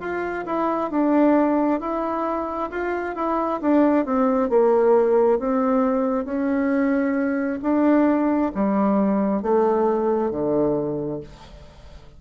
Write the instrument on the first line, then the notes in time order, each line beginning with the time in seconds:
bassoon
0.00 F4
0.46 E4
0.91 D4
1.81 E4
2.71 F4
3.16 E4
3.62 D4
4.05 C4
4.50 A#3
5.39 C4
6.26 C#4
7.62 D4
8.55 G3
9.43 A3
10.31 D3